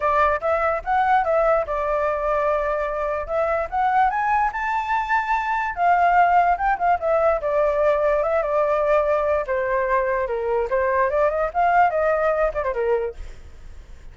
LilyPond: \new Staff \with { instrumentName = "flute" } { \time 4/4 \tempo 4 = 146 d''4 e''4 fis''4 e''4 | d''1 | e''4 fis''4 gis''4 a''4~ | a''2 f''2 |
g''8 f''8 e''4 d''2 | e''8 d''2~ d''8 c''4~ | c''4 ais'4 c''4 d''8 dis''8 | f''4 dis''4. d''16 c''16 ais'4 | }